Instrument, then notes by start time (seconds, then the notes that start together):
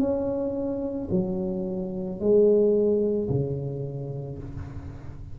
tuba
0.00 C#4
1.11 F#3
2.20 G#3
3.30 C#3